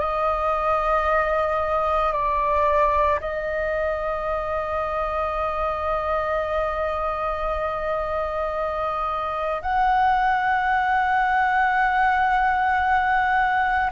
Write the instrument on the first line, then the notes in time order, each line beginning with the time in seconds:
flute
0.00 D#5
2.13 D5
3.21 D#5
9.62 F#5